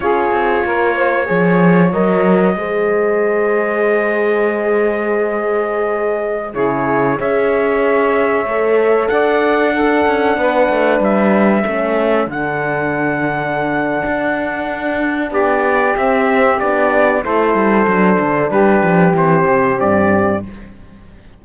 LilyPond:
<<
  \new Staff \with { instrumentName = "trumpet" } { \time 4/4 \tempo 4 = 94 cis''2. dis''4~ | dis''1~ | dis''2~ dis''16 cis''4 e''8.~ | e''2~ e''16 fis''4.~ fis''16~ |
fis''4~ fis''16 e''2 fis''8.~ | fis''1 | d''4 e''4 d''4 c''4~ | c''4 b'4 c''4 d''4 | }
  \new Staff \with { instrumentName = "saxophone" } { \time 4/4 gis'4 ais'8 c''8 cis''2 | c''1~ | c''2~ c''16 gis'4 cis''8.~ | cis''2~ cis''16 d''4 a'8.~ |
a'16 b'2 a'4.~ a'16~ | a'1 | g'2. a'4~ | a'4 g'2. | }
  \new Staff \with { instrumentName = "horn" } { \time 4/4 f'2 gis'4 ais'4 | gis'1~ | gis'2~ gis'16 e'4 gis'8.~ | gis'4~ gis'16 a'2 d'8.~ |
d'2~ d'16 cis'4 d'8.~ | d'1~ | d'4 c'4 d'4 e'4 | d'2 c'2 | }
  \new Staff \with { instrumentName = "cello" } { \time 4/4 cis'8 c'8 ais4 f4 fis4 | gis1~ | gis2~ gis16 cis4 cis'8.~ | cis'4~ cis'16 a4 d'4. cis'16~ |
cis'16 b8 a8 g4 a4 d8.~ | d2 d'2 | b4 c'4 b4 a8 g8 | fis8 d8 g8 f8 e8 c8 g,4 | }
>>